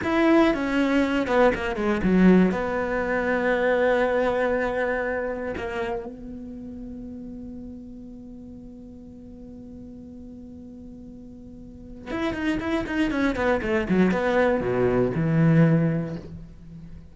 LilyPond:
\new Staff \with { instrumentName = "cello" } { \time 4/4 \tempo 4 = 119 e'4 cis'4. b8 ais8 gis8 | fis4 b2.~ | b2. ais4 | b1~ |
b1~ | b1 | e'8 dis'8 e'8 dis'8 cis'8 b8 a8 fis8 | b4 b,4 e2 | }